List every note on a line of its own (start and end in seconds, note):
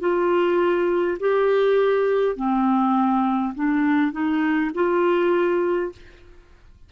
0.00 1.18 F4
1.20 2.36 G4
2.36 3.54 C4
3.55 4.12 D4
4.12 4.71 D#4
4.75 5.93 F4